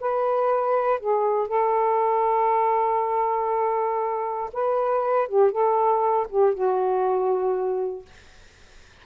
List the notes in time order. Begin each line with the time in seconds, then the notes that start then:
0.00 B4
1.00 G#4
1.48 A4
4.53 B4
5.28 G4
5.51 A4
6.29 G4
6.54 F#4